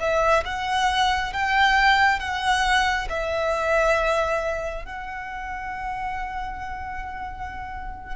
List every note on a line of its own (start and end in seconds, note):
0.00 0.44 E5
0.45 1.33 F#5
1.33 2.20 G5
2.20 3.08 F#5
3.10 4.85 E5
4.85 8.16 F#5